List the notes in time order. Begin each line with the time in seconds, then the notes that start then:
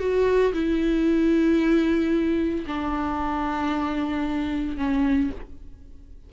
0.00 F#4
0.54 E4
2.67 D4
4.78 C#4